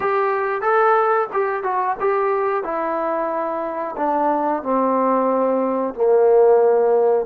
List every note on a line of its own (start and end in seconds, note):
0.00 0.61 G4
0.61 1.27 A4
1.32 1.63 G4
1.63 1.96 F#4
2.00 2.63 G4
2.63 3.95 E4
3.97 4.62 D4
4.62 5.94 C4
5.94 7.26 A#3